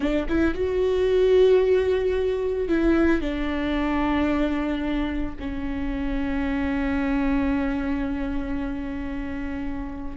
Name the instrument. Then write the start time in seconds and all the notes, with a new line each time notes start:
viola
0.00 D4
0.28 E4
0.54 F#4
2.68 E4
3.21 D4
5.39 C#4